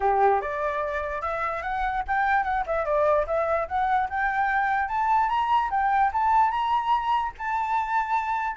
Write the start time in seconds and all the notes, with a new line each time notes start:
0.00 G4
0.41 D5
1.21 E5
1.62 F#5
2.07 G5
2.43 F#5
2.66 E5
2.85 D5
3.27 E5
3.68 F#5
4.09 G5
4.88 A5
5.29 A#5
5.70 G5
6.12 A5
6.50 A#5
7.38 A5